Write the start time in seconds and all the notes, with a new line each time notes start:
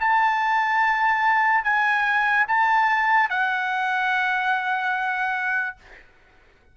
0.00 A5
1.64 G#5
2.47 A5
3.30 F#5